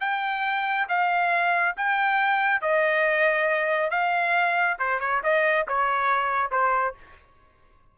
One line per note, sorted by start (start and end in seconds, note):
0.00 0.87 G5
0.88 1.75 F5
1.76 2.61 G5
2.61 3.90 D#5
3.90 4.77 F5
4.79 5.00 C5
5.00 5.22 C#5
5.23 5.66 D#5
5.68 6.51 C#5
6.51 6.94 C5